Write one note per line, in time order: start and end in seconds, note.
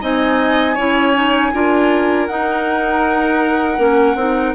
0.00 0.76 C4
0.00 0.76 D#4
0.00 0.74 D#5
0.00 2.26 G#5
0.74 1.52 C#4
0.74 1.14 E4
0.74 1.50 C#5
1.14 1.52 D#4
1.53 2.28 D4
1.53 2.29 F4
1.53 4.55 A#4
2.26 3.78 D#4
2.26 4.54 F#5
3.78 4.15 A#3
3.78 4.16 C#4
4.15 4.53 C4
4.15 4.55 D#4